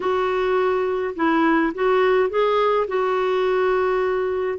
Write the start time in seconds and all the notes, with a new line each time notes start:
0.00 F#4
1.15 E4
1.74 F#4
2.29 G#4
2.87 F#4